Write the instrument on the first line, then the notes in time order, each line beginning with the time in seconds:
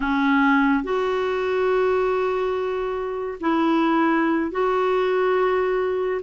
clarinet
0.00 C#4
0.83 F#4
3.40 E4
4.51 F#4